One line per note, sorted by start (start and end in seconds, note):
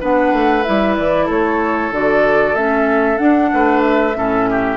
0.00 0.32 B3
0.00 0.64 D4
0.00 1.25 B4
0.00 0.63 F#5
0.32 0.64 A3
0.63 0.98 G3
0.63 1.92 E4
0.63 0.95 E5
0.96 1.29 E3
0.96 1.28 D5
1.25 1.91 A3
1.25 3.49 A4
1.25 1.93 C#5
1.91 2.54 D3
1.91 2.56 F#4
1.91 2.55 D5
2.54 3.18 A3
2.54 3.17 C#4
2.54 3.17 E5
3.17 4.13 D4
3.17 3.51 D4
3.17 3.81 F#5
3.53 4.16 A3
3.53 4.17 B4
3.82 4.77 E5
4.14 4.77 A2
4.14 4.77 C#4
4.14 4.49 A4
4.50 4.77 G4